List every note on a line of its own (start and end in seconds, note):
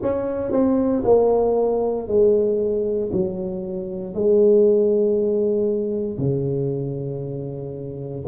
0.02 0.51 C#4
0.51 1.03 C4
1.04 2.07 A#3
2.07 3.10 G#3
3.12 4.14 F#3
4.14 6.17 G#3
6.17 8.24 C#3